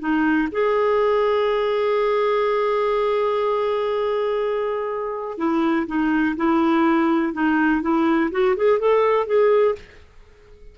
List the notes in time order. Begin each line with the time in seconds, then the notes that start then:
0.00 D#4
0.52 G#4
5.38 E4
5.87 D#4
6.37 E4
7.33 D#4
7.82 E4
8.31 F#4
8.57 G#4
8.80 A4
9.27 G#4